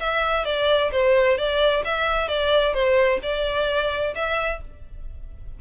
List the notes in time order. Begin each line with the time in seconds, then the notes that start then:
0.00 E5
0.45 D5
0.92 C5
1.38 D5
1.85 E5
2.28 D5
2.74 C5
3.23 D5
4.15 E5